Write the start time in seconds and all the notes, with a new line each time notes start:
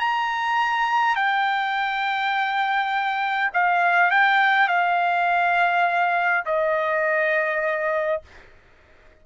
0.00 A#5
1.16 G5
3.54 F5
4.11 G5
4.68 F5
6.46 D#5